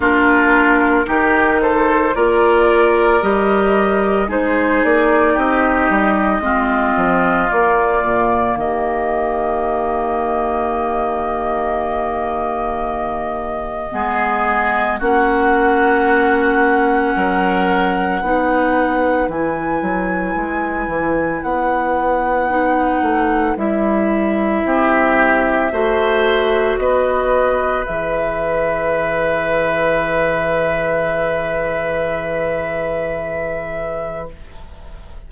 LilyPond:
<<
  \new Staff \with { instrumentName = "flute" } { \time 4/4 \tempo 4 = 56 ais'4. c''8 d''4 dis''4 | c''8 d''8 dis''2 d''4 | dis''1~ | dis''2 fis''2~ |
fis''2 gis''2 | fis''2 e''2~ | e''4 dis''4 e''2~ | e''1 | }
  \new Staff \with { instrumentName = "oboe" } { \time 4/4 f'4 g'8 a'8 ais'2 | gis'4 g'4 f'2 | g'1~ | g'4 gis'4 fis'2 |
ais'4 b'2.~ | b'2. g'4 | c''4 b'2.~ | b'1 | }
  \new Staff \with { instrumentName = "clarinet" } { \time 4/4 d'4 dis'4 f'4 g'4 | dis'2 c'4 ais4~ | ais1~ | ais4 b4 cis'2~ |
cis'4 dis'4 e'2~ | e'4 dis'4 e'2 | fis'2 gis'2~ | gis'1 | }
  \new Staff \with { instrumentName = "bassoon" } { \time 4/4 ais4 dis4 ais4 g4 | gis8 ais8 c'8 g8 gis8 f8 ais8 ais,8 | dis1~ | dis4 gis4 ais2 |
fis4 b4 e8 fis8 gis8 e8 | b4. a8 g4 c'4 | a4 b4 e2~ | e1 | }
>>